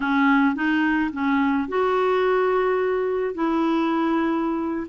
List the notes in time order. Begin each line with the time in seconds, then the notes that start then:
0.00 C#4
0.55 D#4
1.12 C#4
1.68 F#4
3.34 E4